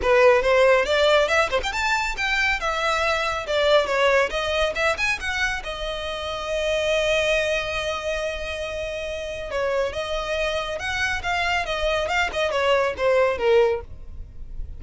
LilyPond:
\new Staff \with { instrumentName = "violin" } { \time 4/4 \tempo 4 = 139 b'4 c''4 d''4 e''8 c''16 g''16 | a''4 g''4 e''2 | d''4 cis''4 dis''4 e''8 gis''8 | fis''4 dis''2.~ |
dis''1~ | dis''2 cis''4 dis''4~ | dis''4 fis''4 f''4 dis''4 | f''8 dis''8 cis''4 c''4 ais'4 | }